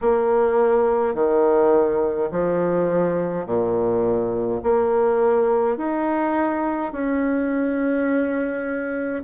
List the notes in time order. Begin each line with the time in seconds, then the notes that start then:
0.01 A#3
1.14 D#3
2.31 F3
3.46 A#2
4.63 A#3
5.77 D#4
6.92 C#4